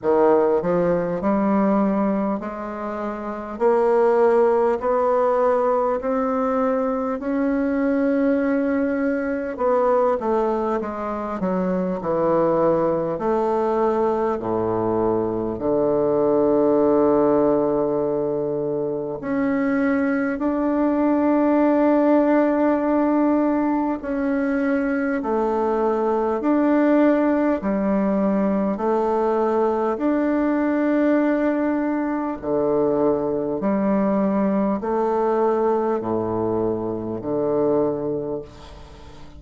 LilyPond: \new Staff \with { instrumentName = "bassoon" } { \time 4/4 \tempo 4 = 50 dis8 f8 g4 gis4 ais4 | b4 c'4 cis'2 | b8 a8 gis8 fis8 e4 a4 | a,4 d2. |
cis'4 d'2. | cis'4 a4 d'4 g4 | a4 d'2 d4 | g4 a4 a,4 d4 | }